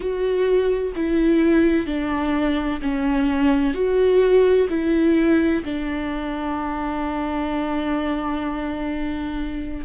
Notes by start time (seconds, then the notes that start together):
0.00 F#4
0.95 E4
1.86 D4
2.81 C#4
3.74 F#4
4.69 E4
5.64 D4